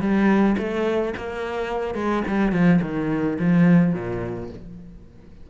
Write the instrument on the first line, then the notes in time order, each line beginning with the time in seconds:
cello
0.00 G3
0.57 A3
1.17 A#3
1.94 G#3
2.27 G3
2.52 F3
2.82 D#3
3.39 F3
3.94 A#2